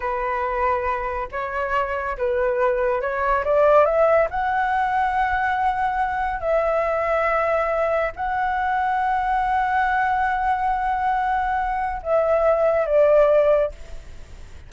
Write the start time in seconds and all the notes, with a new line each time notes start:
0.00 B4
1.31 C#5
2.17 B4
3.01 C#5
3.44 D5
3.85 E5
4.30 F#5
6.40 E5
8.15 F#5
12.02 E5
12.86 D5